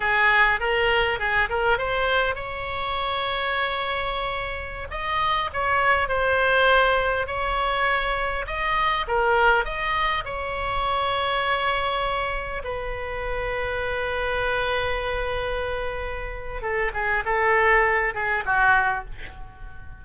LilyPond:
\new Staff \with { instrumentName = "oboe" } { \time 4/4 \tempo 4 = 101 gis'4 ais'4 gis'8 ais'8 c''4 | cis''1~ | cis''16 dis''4 cis''4 c''4.~ c''16~ | c''16 cis''2 dis''4 ais'8.~ |
ais'16 dis''4 cis''2~ cis''8.~ | cis''4~ cis''16 b'2~ b'8.~ | b'1 | a'8 gis'8 a'4. gis'8 fis'4 | }